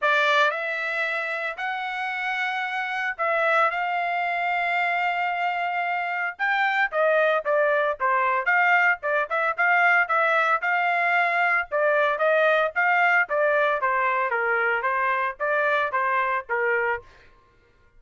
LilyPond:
\new Staff \with { instrumentName = "trumpet" } { \time 4/4 \tempo 4 = 113 d''4 e''2 fis''4~ | fis''2 e''4 f''4~ | f''1 | g''4 dis''4 d''4 c''4 |
f''4 d''8 e''8 f''4 e''4 | f''2 d''4 dis''4 | f''4 d''4 c''4 ais'4 | c''4 d''4 c''4 ais'4 | }